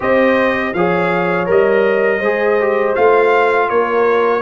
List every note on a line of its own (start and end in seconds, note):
0.00 0.73 C4
0.00 0.74 G4
0.00 0.72 C5
0.00 0.73 D#5
0.73 1.48 F3
0.73 1.46 G#4
0.73 2.19 C#5
0.73 1.47 F5
1.46 2.20 G3
1.46 2.20 A#4
1.46 2.95 D#5
2.19 2.94 G#3
2.19 2.60 G#4
2.19 3.67 C5
2.60 2.95 G4
2.95 3.70 A3
2.95 4.41 F4
2.95 3.69 F5
3.69 4.41 A#3
3.69 4.41 A#4
3.69 4.41 C#5